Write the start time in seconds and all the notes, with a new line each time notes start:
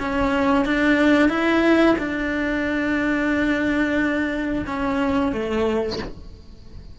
0.00 C#4
0.65 D4
1.30 E4
1.99 D4
4.67 C#4
5.33 A3